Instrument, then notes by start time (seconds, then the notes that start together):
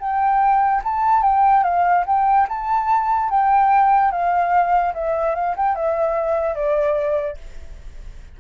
flute
0.00 G5
0.84 A5
1.23 G5
1.64 F5
2.06 G5
2.49 A5
3.30 G5
4.11 F5
4.94 E5
5.35 F5
5.57 G5
5.75 E5
6.55 D5